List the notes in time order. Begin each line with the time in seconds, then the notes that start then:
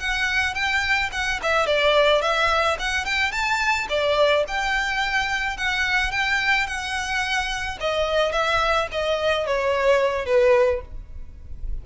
0.00 F#5
0.55 G5
1.13 F#5
1.43 E5
1.67 D5
2.22 E5
2.80 F#5
3.05 G5
3.32 A5
3.89 D5
4.48 G5
5.58 F#5
6.12 G5
6.67 F#5
7.81 D#5
8.32 E5
8.92 D#5
9.47 C#5
10.26 B4